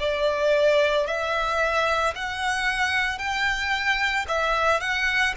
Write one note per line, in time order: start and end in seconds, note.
0.00 1.07 D5
1.07 2.14 E5
2.16 3.19 F#5
3.19 4.26 G5
4.29 4.81 E5
4.81 5.34 F#5